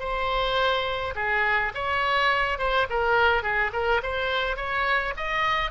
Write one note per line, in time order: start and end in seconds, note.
0.00 1.14 C5
1.16 1.73 G#4
1.75 2.59 C#5
2.59 2.87 C5
2.90 3.43 A#4
3.43 3.72 G#4
3.73 4.02 A#4
4.03 4.57 C5
4.57 5.14 C#5
5.17 5.71 D#5